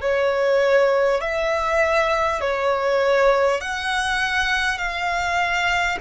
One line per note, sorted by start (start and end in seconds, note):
0.00 1.20 C#5
1.21 2.41 E5
2.41 3.61 C#5
3.61 4.77 F#5
4.77 5.97 F5